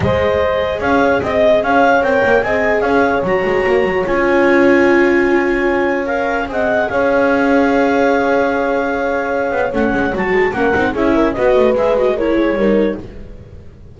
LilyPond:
<<
  \new Staff \with { instrumentName = "clarinet" } { \time 4/4 \tempo 4 = 148 dis''2 f''4 dis''4 | f''4 g''4 gis''4 f''4 | ais''2 gis''2~ | gis''2. f''4 |
fis''4 f''2.~ | f''1 | fis''4 a''4 fis''4 e''4 | dis''4 e''8 dis''8 cis''2 | }
  \new Staff \with { instrumentName = "horn" } { \time 4/4 c''2 cis''4 dis''4 | cis''2 dis''4 cis''4~ | cis''1~ | cis''1 |
dis''4 cis''2.~ | cis''1~ | cis''2 ais'4 gis'8 ais'8 | b'2 ais'8 gis'8 ais'4 | }
  \new Staff \with { instrumentName = "viola" } { \time 4/4 gis'1~ | gis'4 ais'4 gis'2 | fis'2 f'2~ | f'2. ais'4 |
gis'1~ | gis'1 | cis'4 fis'4 cis'8 dis'8 e'4 | fis'4 gis'8 fis'8 e'4 dis'4 | }
  \new Staff \with { instrumentName = "double bass" } { \time 4/4 gis2 cis'4 c'4 | cis'4 c'8 ais8 c'4 cis'4 | fis8 gis8 ais8 fis8 cis'2~ | cis'1 |
c'4 cis'2.~ | cis'2.~ cis'8 b8 | a8 gis8 fis8 gis8 ais8 c'8 cis'4 | b8 a8 gis2 g4 | }
>>